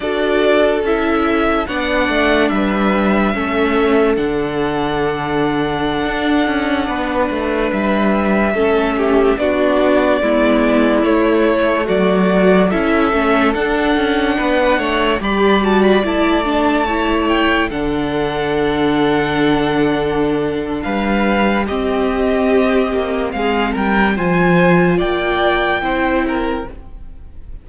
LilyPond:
<<
  \new Staff \with { instrumentName = "violin" } { \time 4/4 \tempo 4 = 72 d''4 e''4 fis''4 e''4~ | e''4 fis''2.~ | fis''4~ fis''16 e''2 d''8.~ | d''4~ d''16 cis''4 d''4 e''8.~ |
e''16 fis''2 b''8 a''16 b''16 a''8.~ | a''8. g''8 fis''2~ fis''8.~ | fis''4 f''4 dis''2 | f''8 g''8 gis''4 g''2 | }
  \new Staff \with { instrumentName = "violin" } { \time 4/4 a'2 d''4 b'4 | a'1~ | a'16 b'2 a'8 g'8 fis'8.~ | fis'16 e'2 fis'4 a'8.~ |
a'4~ a'16 b'8 cis''8 d''4.~ d''16~ | d''16 cis''4 a'2~ a'8.~ | a'4 b'4 g'2 | gis'8 ais'8 c''4 d''4 c''8 ais'8 | }
  \new Staff \with { instrumentName = "viola" } { \time 4/4 fis'4 e'4 d'2 | cis'4 d'2.~ | d'2~ d'16 cis'4 d'8.~ | d'16 b4 a2 e'8 cis'16~ |
cis'16 d'2 g'8 fis'8 e'8 d'16~ | d'16 e'4 d'2~ d'8.~ | d'2 c'2~ | c'4 f'2 e'4 | }
  \new Staff \with { instrumentName = "cello" } { \time 4/4 d'4 cis'4 b8 a8 g4 | a4 d2~ d16 d'8 cis'16~ | cis'16 b8 a8 g4 a4 b8.~ | b16 gis4 a4 fis4 cis'8 a16~ |
a16 d'8 cis'8 b8 a8 g4 a8.~ | a4~ a16 d2~ d8.~ | d4 g4 c'4. ais8 | gis8 g8 f4 ais4 c'4 | }
>>